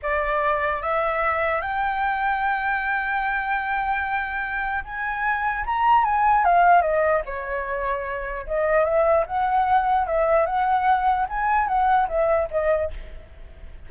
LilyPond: \new Staff \with { instrumentName = "flute" } { \time 4/4 \tempo 4 = 149 d''2 e''2 | g''1~ | g''1 | gis''2 ais''4 gis''4 |
f''4 dis''4 cis''2~ | cis''4 dis''4 e''4 fis''4~ | fis''4 e''4 fis''2 | gis''4 fis''4 e''4 dis''4 | }